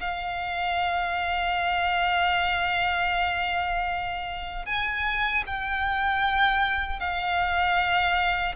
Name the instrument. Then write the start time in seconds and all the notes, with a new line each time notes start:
violin
0.00 F5
4.65 G#5
5.46 G5
6.99 F5